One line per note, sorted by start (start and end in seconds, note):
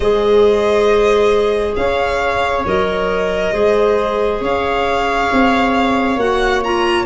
0.00 1.74 G#3
0.00 2.66 G#4
0.00 1.76 C5
0.00 1.74 D#5
1.76 2.65 C#4
1.76 3.52 C#5
1.76 2.64 F5
2.66 3.52 F#3
2.66 3.53 A#4
2.66 4.43 D#5
3.52 4.40 G#3
3.52 6.18 G#4
3.52 4.40 C5
4.40 5.28 C#4
4.40 7.05 C#5
4.40 6.19 F5
5.32 6.16 C4
6.16 7.04 A#3
6.16 6.62 F#4
6.16 6.63 F#5
6.63 7.05 F4
6.63 7.05 A#5